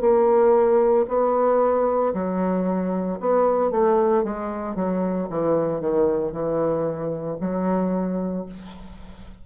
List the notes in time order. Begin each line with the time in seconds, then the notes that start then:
0.00 A#3
1.08 B3
2.13 F#3
3.20 B3
3.71 A3
4.23 G#3
4.75 F#3
5.29 E3
5.80 D#3
6.32 E3
7.40 F#3